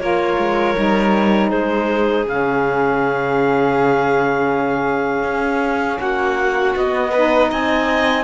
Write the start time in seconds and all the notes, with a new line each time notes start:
0.00 A#3 F4 A#4 C#5
0.38 G#3
0.76 G3 D#4
1.50 G#3 G#4 C5
2.26 C#3 C#4 F5
5.23 C#4
6.00 A#3 F#4 F#5
6.76 B3 D#5
7.12 D#4 B4
7.51 C4 D#5 G#5